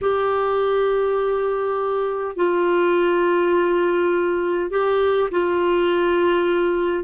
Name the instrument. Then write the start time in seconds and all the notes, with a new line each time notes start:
clarinet
0.01 G4
2.36 F4
4.70 G4
5.30 F4